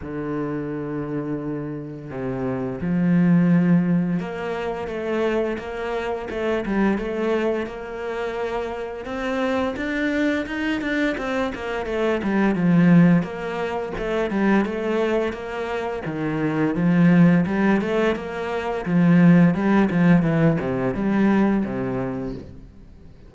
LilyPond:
\new Staff \with { instrumentName = "cello" } { \time 4/4 \tempo 4 = 86 d2. c4 | f2 ais4 a4 | ais4 a8 g8 a4 ais4~ | ais4 c'4 d'4 dis'8 d'8 |
c'8 ais8 a8 g8 f4 ais4 | a8 g8 a4 ais4 dis4 | f4 g8 a8 ais4 f4 | g8 f8 e8 c8 g4 c4 | }